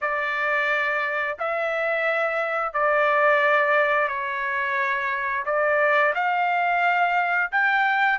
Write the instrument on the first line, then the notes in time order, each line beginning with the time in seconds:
trumpet
0.01 D5
1.39 E5
2.73 D5
4.08 C#5
5.45 D5
6.14 F5
7.51 G5